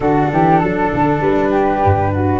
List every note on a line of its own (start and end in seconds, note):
0.00 0.28 D3
0.00 2.39 D4
0.00 0.31 F#4
0.00 1.19 A4
0.32 0.62 E3
0.32 0.59 G4
0.59 0.93 F#3
0.59 1.50 A4
0.94 1.21 D3
1.21 1.81 G3
1.21 2.39 B4
1.50 2.11 G4
1.84 2.39 G2
2.12 2.39 F#4